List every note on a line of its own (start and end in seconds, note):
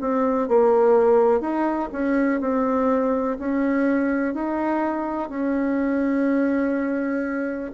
0.00 0.48 C4
0.48 1.40 A#3
1.40 1.89 D#4
1.92 2.40 C#4
2.40 3.37 C4
3.39 4.34 C#4
4.34 5.29 D#4
5.29 7.71 C#4